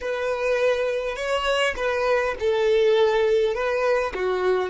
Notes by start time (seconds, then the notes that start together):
0.00 B4
1.16 C#5
1.76 B4
2.39 A4
3.54 B4
4.14 F#4